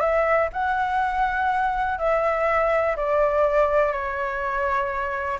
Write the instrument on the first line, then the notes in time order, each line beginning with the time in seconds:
flute
0.00 E5
0.53 F#5
1.99 E5
2.96 D5
3.93 C#5